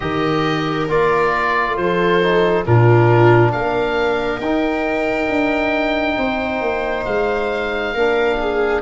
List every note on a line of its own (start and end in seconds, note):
0.00 0.88 D#3
0.00 0.88 G4
0.00 1.79 A#4
0.00 0.87 D#5
0.88 1.76 A#3
0.88 2.21 F4
0.88 1.76 D5
1.76 2.65 F3
1.76 2.66 A4
1.76 2.65 C5
2.22 2.65 D#4
2.65 3.54 A#2
2.65 4.42 D4
2.65 3.52 F4
2.65 3.51 A#4
3.51 4.40 A#3
3.51 6.17 A#4
3.51 4.40 F5
4.40 5.28 D#4
4.40 7.96 D#4
4.40 7.05 G5
5.28 6.17 D4
6.17 6.61 C4
6.17 7.93 C5
6.61 7.05 A#3
7.05 7.94 G#3
7.05 8.81 F5
7.93 8.82 A#3
7.93 8.82 D4
7.93 8.37 A#4
8.39 8.82 G#4